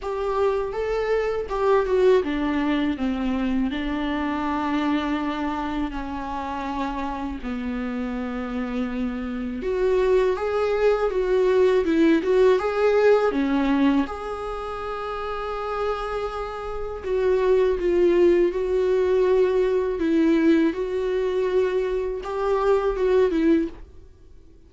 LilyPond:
\new Staff \with { instrumentName = "viola" } { \time 4/4 \tempo 4 = 81 g'4 a'4 g'8 fis'8 d'4 | c'4 d'2. | cis'2 b2~ | b4 fis'4 gis'4 fis'4 |
e'8 fis'8 gis'4 cis'4 gis'4~ | gis'2. fis'4 | f'4 fis'2 e'4 | fis'2 g'4 fis'8 e'8 | }